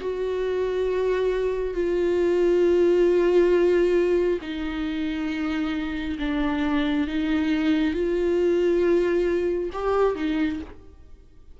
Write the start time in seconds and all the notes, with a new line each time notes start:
0.00 F#4
1.74 F4
4.41 D#4
6.19 D4
7.07 D#4
7.94 F4
9.73 G4
10.16 D#4